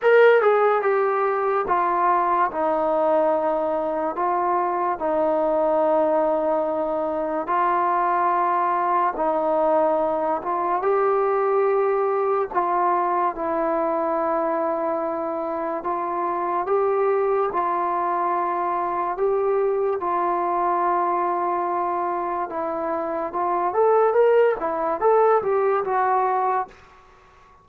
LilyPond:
\new Staff \with { instrumentName = "trombone" } { \time 4/4 \tempo 4 = 72 ais'8 gis'8 g'4 f'4 dis'4~ | dis'4 f'4 dis'2~ | dis'4 f'2 dis'4~ | dis'8 f'8 g'2 f'4 |
e'2. f'4 | g'4 f'2 g'4 | f'2. e'4 | f'8 a'8 ais'8 e'8 a'8 g'8 fis'4 | }